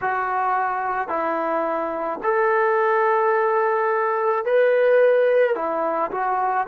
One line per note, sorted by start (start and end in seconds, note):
0.01 1.08 F#4
1.08 2.19 E4
2.23 4.44 A4
4.44 5.55 B4
5.55 6.11 E4
6.11 6.67 F#4